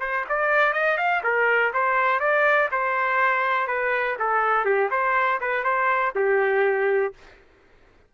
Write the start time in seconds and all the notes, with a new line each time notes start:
0.00 C5
0.29 D5
0.73 D#5
0.97 F5
1.23 A#4
1.73 C5
2.19 D5
2.71 C5
3.67 B4
4.19 A4
4.65 G4
4.90 C5
5.41 B4
5.64 C5
6.15 G4